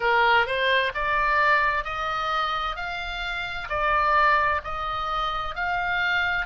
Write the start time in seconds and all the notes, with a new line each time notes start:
0.00 A#4
0.46 C5
0.94 D5
1.84 D#5
2.76 F5
3.69 D5
4.64 D#5
5.55 F5